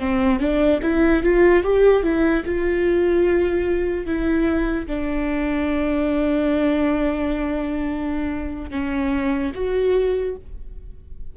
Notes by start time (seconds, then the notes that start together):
0.00 C4
0.40 D4
0.83 E4
1.23 F4
1.64 G4
2.03 E4
2.46 F4
4.07 E4
4.87 D4
8.71 C#4
9.55 F#4